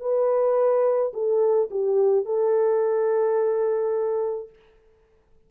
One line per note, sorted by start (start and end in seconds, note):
0.00 1.12 B4
1.13 1.69 A4
1.70 2.25 G4
2.25 4.49 A4